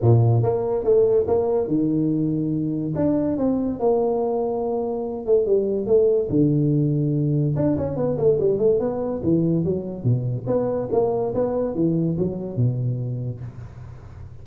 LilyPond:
\new Staff \with { instrumentName = "tuba" } { \time 4/4 \tempo 4 = 143 ais,4 ais4 a4 ais4 | dis2. d'4 | c'4 ais2.~ | ais8 a8 g4 a4 d4~ |
d2 d'8 cis'8 b8 a8 | g8 a8 b4 e4 fis4 | b,4 b4 ais4 b4 | e4 fis4 b,2 | }